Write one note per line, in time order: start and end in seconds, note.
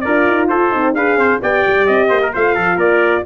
0.00 0.27 D4
0.00 0.74 F4
0.00 0.49 A#4
0.00 0.46 D5
0.27 0.50 D#4
0.48 0.71 F4
0.48 0.95 A4
0.48 0.94 C5
0.71 0.94 C4
0.71 0.94 D#4
0.94 1.16 D4
0.94 1.40 G#4
0.94 1.19 B4
0.94 1.40 F5
1.16 1.39 C4
1.16 1.42 C5
1.41 1.65 B3
1.41 2.32 G4
1.41 2.08 D5
1.41 1.86 G5
1.67 1.88 G3
1.86 2.10 C4
1.86 2.32 D#5
2.08 2.33 A#3
2.08 2.20 C5
2.22 2.33 A#4
2.33 2.56 A3
2.33 3.25 F4
2.33 2.54 C5
2.33 2.79 F5
2.54 2.76 F3
2.54 2.76 A4
2.76 3.22 A#3
2.76 3.21 A#4
2.76 3.25 D5